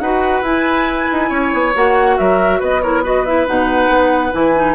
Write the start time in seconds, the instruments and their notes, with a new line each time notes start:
0.00 bassoon D#4, clarinet F#4, oboe B4, flute F#5
0.42 bassoon E4, clarinet E4, flute G#5
1.12 bassoon D#4
1.29 bassoon C#4, oboe C#5
1.53 bassoon B3
1.74 bassoon A#3, clarinet F#4, flute F#5
2.18 bassoon F#3, oboe A#4, flute E5
2.60 bassoon B3, oboe B4, flute D#5
2.82 clarinet E4, oboe A#4, flute C#5
3.03 clarinet F#4, oboe B4, flute D#5
3.25 clarinet E4, flute E5
3.46 bassoon B2, clarinet D#4, flute F#5
3.89 bassoon B3
4.32 bassoon E3, clarinet E4, flute G#5
4.56 clarinet D#4